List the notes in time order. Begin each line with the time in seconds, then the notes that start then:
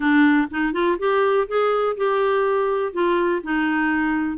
0.00 D4
0.51 D#4
0.72 F4
0.99 G4
1.47 G#4
1.96 G4
2.92 F4
3.43 D#4